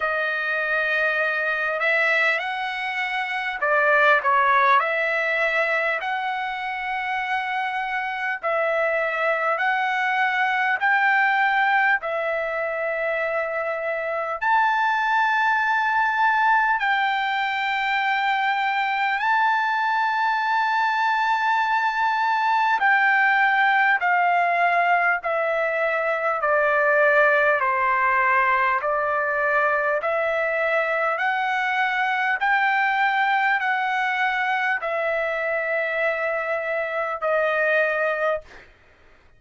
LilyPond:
\new Staff \with { instrumentName = "trumpet" } { \time 4/4 \tempo 4 = 50 dis''4. e''8 fis''4 d''8 cis''8 | e''4 fis''2 e''4 | fis''4 g''4 e''2 | a''2 g''2 |
a''2. g''4 | f''4 e''4 d''4 c''4 | d''4 e''4 fis''4 g''4 | fis''4 e''2 dis''4 | }